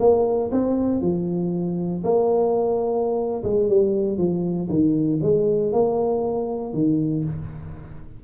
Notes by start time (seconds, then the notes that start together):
0.00 A#3
0.52 C4
1.01 F3
2.04 A#3
3.44 G#3
3.69 G3
4.18 F3
4.70 D#3
5.22 G#3
5.72 A#3
6.73 D#3